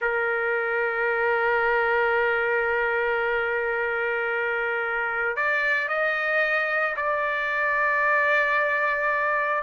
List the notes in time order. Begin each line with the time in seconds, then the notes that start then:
0.01 A#4
5.36 D5
5.88 D#5
6.96 D5